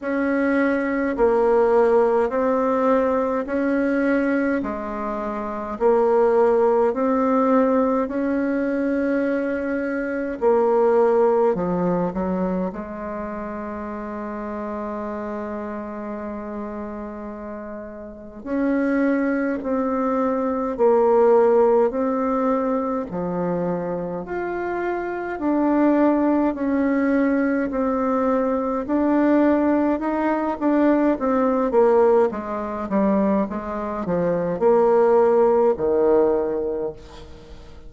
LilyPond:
\new Staff \with { instrumentName = "bassoon" } { \time 4/4 \tempo 4 = 52 cis'4 ais4 c'4 cis'4 | gis4 ais4 c'4 cis'4~ | cis'4 ais4 f8 fis8 gis4~ | gis1 |
cis'4 c'4 ais4 c'4 | f4 f'4 d'4 cis'4 | c'4 d'4 dis'8 d'8 c'8 ais8 | gis8 g8 gis8 f8 ais4 dis4 | }